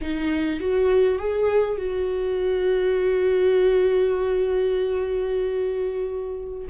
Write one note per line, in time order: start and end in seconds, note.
0.01 0.59 D#4
0.59 1.18 F#4
1.18 1.77 G#4
1.77 6.67 F#4